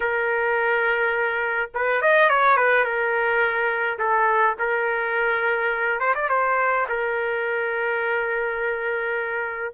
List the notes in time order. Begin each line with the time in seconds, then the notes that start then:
0.00 A#4
1.74 B4
2.01 D#5
2.29 C#5
2.57 B4
2.84 A#4
3.98 A4
4.58 A#4
5.99 C5
6.14 D5
6.29 C5
6.88 A#4